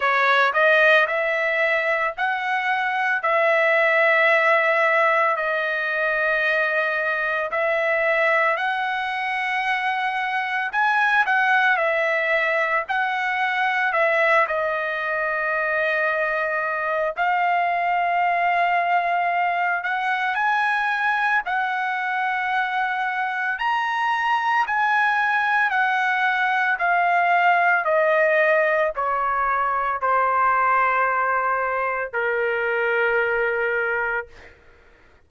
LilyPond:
\new Staff \with { instrumentName = "trumpet" } { \time 4/4 \tempo 4 = 56 cis''8 dis''8 e''4 fis''4 e''4~ | e''4 dis''2 e''4 | fis''2 gis''8 fis''8 e''4 | fis''4 e''8 dis''2~ dis''8 |
f''2~ f''8 fis''8 gis''4 | fis''2 ais''4 gis''4 | fis''4 f''4 dis''4 cis''4 | c''2 ais'2 | }